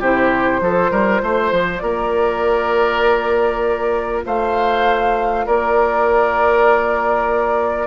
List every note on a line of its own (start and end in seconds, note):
0.00 0.60 C3
0.00 0.63 E4
0.00 0.61 G4
0.00 1.79 C5
0.60 0.91 F3
0.60 7.87 F4
0.60 0.91 A4
0.91 1.22 G3
0.91 1.22 A#4
1.23 1.52 A3
1.23 1.83 C5
1.52 1.82 F3
1.79 4.25 A#3
1.79 4.25 A#4
1.79 4.21 D5
4.26 5.47 A3
4.26 5.46 C5
4.26 5.47 F5
5.46 7.87 A#3
5.46 7.87 A#4
5.46 7.87 D5